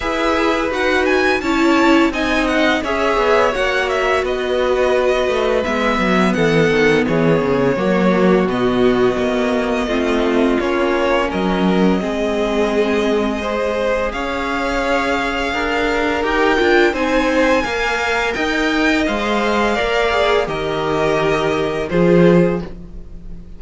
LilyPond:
<<
  \new Staff \with { instrumentName = "violin" } { \time 4/4 \tempo 4 = 85 e''4 fis''8 gis''8 a''4 gis''8 fis''8 | e''4 fis''8 e''8 dis''2 | e''4 fis''4 cis''2 | dis''2. cis''4 |
dis''1 | f''2. g''4 | gis''2 g''4 f''4~ | f''4 dis''2 c''4 | }
  \new Staff \with { instrumentName = "violin" } { \time 4/4 b'2 cis''4 dis''4 | cis''2 b'2~ | b'4 a'4 gis'4 fis'4~ | fis'2 f'2 |
ais'4 gis'2 c''4 | cis''2 ais'2 | c''4 f''4 dis''2 | d''4 ais'2 gis'4 | }
  \new Staff \with { instrumentName = "viola" } { \time 4/4 gis'4 fis'4 e'4 dis'4 | gis'4 fis'2. | b2. ais4 | b2 c'4 cis'4~ |
cis'4 c'2 gis'4~ | gis'2. g'8 f'8 | dis'4 ais'2 c''4 | ais'8 gis'8 g'2 f'4 | }
  \new Staff \with { instrumentName = "cello" } { \time 4/4 e'4 dis'4 cis'4 c'4 | cis'8 b8 ais4 b4. a8 | gis8 fis8 e8 dis8 e8 cis8 fis4 | b,4 ais4 a4 ais4 |
fis4 gis2. | cis'2 d'4 dis'8 d'8 | c'4 ais4 dis'4 gis4 | ais4 dis2 f4 | }
>>